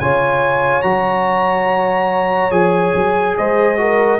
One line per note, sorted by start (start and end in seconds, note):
0.00 0.84 C#3
0.00 0.83 F4
0.00 3.38 C#5
0.00 0.82 G#5
0.82 2.51 F#3
0.82 2.51 F#4
0.82 2.51 A#5
2.51 2.93 F3
2.51 3.77 G#4
2.51 3.36 G#5
2.95 3.37 F#3
3.37 4.20 G#3
3.37 3.80 C5
3.37 4.20 D#5
3.77 4.19 F#4
3.77 4.20 A#4